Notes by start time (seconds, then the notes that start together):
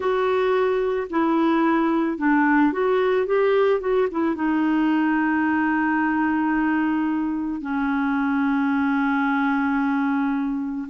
0.00 F#4
1.10 E4
2.17 D4
2.72 F#4
3.26 G4
3.80 F#4
4.11 E4
4.35 D#4
7.61 C#4